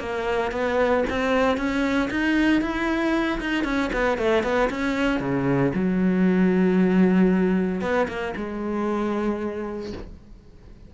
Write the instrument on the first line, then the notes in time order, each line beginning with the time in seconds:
cello
0.00 A#3
0.52 B3
1.10 C4
1.57 C#4
2.11 D#4
2.62 E4
3.41 D#4
3.65 C#4
3.93 B3
4.18 A3
4.43 B3
4.70 C#4
5.20 C#3
5.75 F#3
7.82 B3
8.08 A#3
8.36 G#3